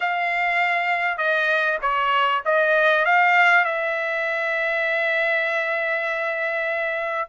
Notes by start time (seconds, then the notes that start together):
0.00 F5
1.17 D#5
1.81 C#5
2.45 D#5
3.05 F5
3.64 E5